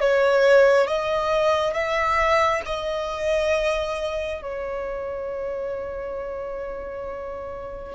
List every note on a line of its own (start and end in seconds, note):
0.00 0.87 C#5
0.87 1.73 D#5
1.73 2.61 E5
2.65 4.42 D#5
4.42 7.94 C#5